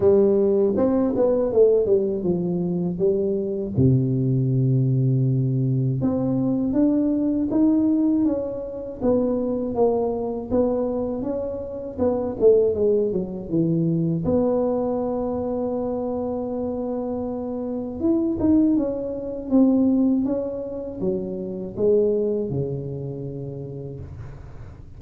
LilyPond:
\new Staff \with { instrumentName = "tuba" } { \time 4/4 \tempo 4 = 80 g4 c'8 b8 a8 g8 f4 | g4 c2. | c'4 d'4 dis'4 cis'4 | b4 ais4 b4 cis'4 |
b8 a8 gis8 fis8 e4 b4~ | b1 | e'8 dis'8 cis'4 c'4 cis'4 | fis4 gis4 cis2 | }